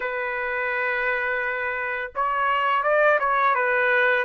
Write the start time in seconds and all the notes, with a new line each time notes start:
0.00 B4
2.15 C#5
2.83 D5
3.19 C#5
3.55 B4